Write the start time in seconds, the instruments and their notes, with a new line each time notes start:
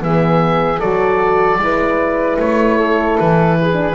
0.00 double bass E3, horn B3, flute G#4, oboe E5
0.80 double bass F#3, horn F#4, flute A4, oboe D5
1.59 double bass G#3, horn E4, flute B4
2.39 double bass A3, oboe C#5
2.78 flute A4
3.18 double bass E3, oboe B4
3.61 flute G#4
3.73 horn D4